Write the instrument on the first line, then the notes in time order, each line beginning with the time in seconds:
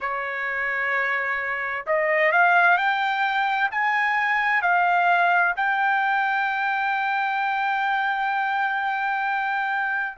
trumpet
0.00 C#5
1.86 D#5
2.32 F5
2.77 G5
3.71 G#5
4.62 F5
5.56 G5